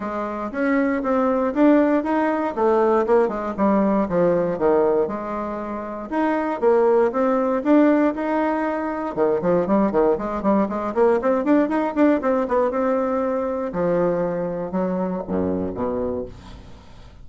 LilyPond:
\new Staff \with { instrumentName = "bassoon" } { \time 4/4 \tempo 4 = 118 gis4 cis'4 c'4 d'4 | dis'4 a4 ais8 gis8 g4 | f4 dis4 gis2 | dis'4 ais4 c'4 d'4 |
dis'2 dis8 f8 g8 dis8 | gis8 g8 gis8 ais8 c'8 d'8 dis'8 d'8 | c'8 b8 c'2 f4~ | f4 fis4 fis,4 b,4 | }